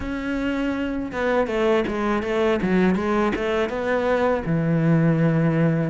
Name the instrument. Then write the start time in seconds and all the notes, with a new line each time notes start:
cello
0.00 C#4
1.12 B3
1.47 A3
1.87 G#3
2.22 A3
2.62 F#3
2.95 G#3
3.35 A3
3.69 B3
4.45 E3